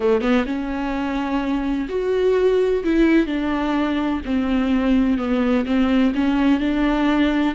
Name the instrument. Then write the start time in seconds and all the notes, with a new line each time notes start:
viola
0.00 A3
0.21 B3
0.46 C#4
1.89 F#4
2.83 E4
3.26 D4
4.25 C4
5.18 B3
5.65 C4
6.14 C#4
6.60 D4